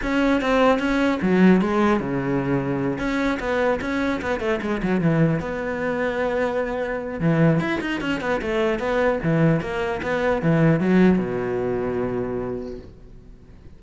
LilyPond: \new Staff \with { instrumentName = "cello" } { \time 4/4 \tempo 4 = 150 cis'4 c'4 cis'4 fis4 | gis4 cis2~ cis8 cis'8~ | cis'8 b4 cis'4 b8 a8 gis8 | fis8 e4 b2~ b8~ |
b2 e4 e'8 dis'8 | cis'8 b8 a4 b4 e4 | ais4 b4 e4 fis4 | b,1 | }